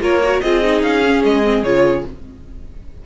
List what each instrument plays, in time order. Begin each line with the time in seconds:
0.00 cello A#3, viola F4, violin A#4 C#5
0.24 viola F#4
0.41 cello C4, viola F4, violin G#4 D#5
0.63 viola D#4
0.82 cello C#4, violin F5
1.05 viola C#4
1.24 cello G#3, violin D#5
1.44 viola C4
1.63 cello C#3, viola F4, violin C#5